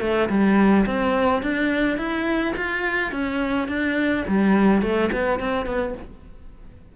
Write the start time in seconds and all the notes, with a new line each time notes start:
0.00 A3
0.29 G3
0.86 C4
1.42 D4
1.97 E4
2.56 F4
3.11 C#4
3.68 D4
4.27 G3
4.82 A3
5.12 B3
5.39 C4
5.66 B3